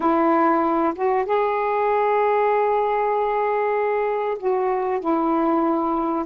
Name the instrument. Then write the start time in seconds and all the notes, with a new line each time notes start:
saxophone
0.00 E4
0.95 F#4
1.25 G#4
4.38 F#4
5.00 E4